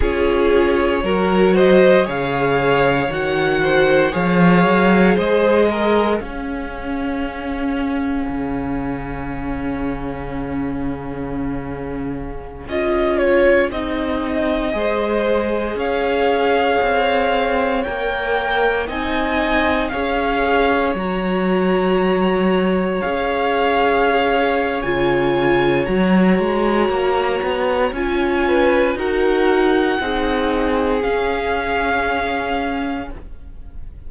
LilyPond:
<<
  \new Staff \with { instrumentName = "violin" } { \time 4/4 \tempo 4 = 58 cis''4. dis''8 f''4 fis''4 | f''4 dis''4 f''2~ | f''1~ | f''16 dis''8 cis''8 dis''2 f''8.~ |
f''4~ f''16 g''4 gis''4 f''8.~ | f''16 ais''2 f''4.~ f''16 | gis''4 ais''2 gis''4 | fis''2 f''2 | }
  \new Staff \with { instrumentName = "violin" } { \time 4/4 gis'4 ais'8 c''8 cis''4. c''8 | cis''4 c''8 ais'8 gis'2~ | gis'1~ | gis'2~ gis'16 c''4 cis''8.~ |
cis''2~ cis''16 dis''4 cis''8.~ | cis''1~ | cis''2.~ cis''8 b'8 | ais'4 gis'2. | }
  \new Staff \with { instrumentName = "viola" } { \time 4/4 f'4 fis'4 gis'4 fis'4 | gis'2 cis'2~ | cis'1~ | cis'16 f'4 dis'4 gis'4.~ gis'16~ |
gis'4~ gis'16 ais'4 dis'4 gis'8.~ | gis'16 fis'2 gis'4.~ gis'16 | f'4 fis'2 f'4 | fis'4 dis'4 cis'2 | }
  \new Staff \with { instrumentName = "cello" } { \time 4/4 cis'4 fis4 cis4 dis4 | f8 fis8 gis4 cis'2 | cis1~ | cis16 cis'4 c'4 gis4 cis'8.~ |
cis'16 c'4 ais4 c'4 cis'8.~ | cis'16 fis2 cis'4.~ cis'16 | cis4 fis8 gis8 ais8 b8 cis'4 | dis'4 c'4 cis'2 | }
>>